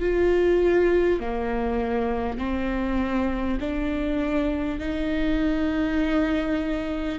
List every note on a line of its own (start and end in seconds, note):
0.00 1.20 F4
1.20 2.38 A#3
2.38 3.58 C4
3.60 4.79 D4
4.79 7.19 D#4